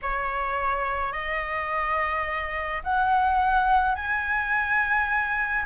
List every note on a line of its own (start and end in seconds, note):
0.02 1.12 C#5
1.12 2.82 D#5
2.83 3.95 F#5
3.95 5.64 G#5